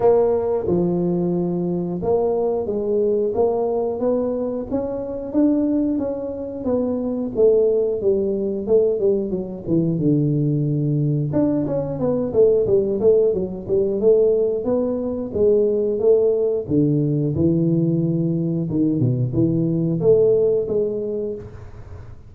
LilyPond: \new Staff \with { instrumentName = "tuba" } { \time 4/4 \tempo 4 = 90 ais4 f2 ais4 | gis4 ais4 b4 cis'4 | d'4 cis'4 b4 a4 | g4 a8 g8 fis8 e8 d4~ |
d4 d'8 cis'8 b8 a8 g8 a8 | fis8 g8 a4 b4 gis4 | a4 d4 e2 | dis8 b,8 e4 a4 gis4 | }